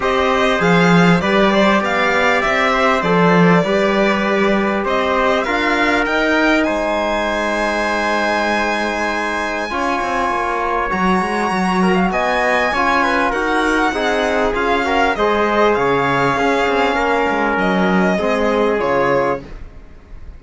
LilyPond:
<<
  \new Staff \with { instrumentName = "violin" } { \time 4/4 \tempo 4 = 99 dis''4 f''4 d''4 f''4 | e''4 d''2. | dis''4 f''4 g''4 gis''4~ | gis''1~ |
gis''2 ais''2 | gis''2 fis''2 | f''4 dis''4 f''2~ | f''4 dis''2 cis''4 | }
  \new Staff \with { instrumentName = "trumpet" } { \time 4/4 c''2 b'8 c''8 d''4~ | d''8 c''4. b'2 | c''4 ais'2 c''4~ | c''1 |
cis''2.~ cis''8 ais'16 f''16 | dis''4 cis''8 b'8 ais'4 gis'4~ | gis'8 ais'8 c''4 cis''4 gis'4 | ais'2 gis'2 | }
  \new Staff \with { instrumentName = "trombone" } { \time 4/4 g'4 gis'4 g'2~ | g'4 a'4 g'2~ | g'4 f'4 dis'2~ | dis'1 |
f'2 fis'2~ | fis'4 f'4 fis'4 dis'4 | f'8 fis'8 gis'2 cis'4~ | cis'2 c'4 f'4 | }
  \new Staff \with { instrumentName = "cello" } { \time 4/4 c'4 f4 g4 b4 | c'4 f4 g2 | c'4 d'4 dis'4 gis4~ | gis1 |
cis'8 c'8 ais4 fis8 gis8 fis4 | b4 cis'4 dis'4 c'4 | cis'4 gis4 cis4 cis'8 c'8 | ais8 gis8 fis4 gis4 cis4 | }
>>